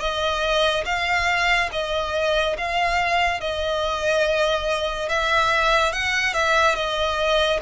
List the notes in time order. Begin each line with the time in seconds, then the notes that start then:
0.00 D#5
0.86 F5
1.72 D#5
2.58 F5
3.41 D#5
5.09 E5
5.93 F#5
6.34 E5
6.76 D#5